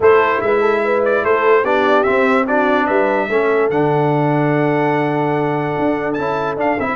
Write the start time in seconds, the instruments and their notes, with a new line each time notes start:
0.00 tuba A3, trombone E4, horn A4, trumpet C5
0.41 tuba G#3, horn B4, trumpet E5
0.60 horn A4
0.84 horn B4
1.05 trumpet D5
1.23 tuba A3, horn A4, trumpet C5
1.62 tuba B3, trombone D4, horn G4, trumpet D5
2.03 trombone C4, tuba C4, trumpet E5
2.46 trombone D4, horn F#4, trumpet D5
2.86 tuba G3, horn B4, trumpet E5
3.29 tuba A3, trombone C#4, horn A4
3.70 tuba D3, trombone D4, trumpet F#5
5.78 tuba D4
6.13 tuba C#4, trombone E4, trumpet A5
6.57 tuba D4, trombone D4, trumpet F5
6.79 tuba C4, trombone E4, trumpet E5